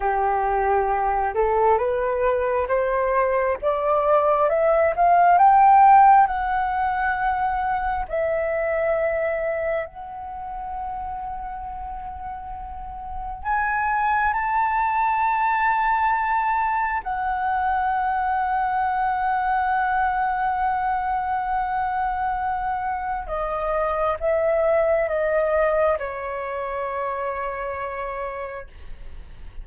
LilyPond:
\new Staff \with { instrumentName = "flute" } { \time 4/4 \tempo 4 = 67 g'4. a'8 b'4 c''4 | d''4 e''8 f''8 g''4 fis''4~ | fis''4 e''2 fis''4~ | fis''2. gis''4 |
a''2. fis''4~ | fis''1~ | fis''2 dis''4 e''4 | dis''4 cis''2. | }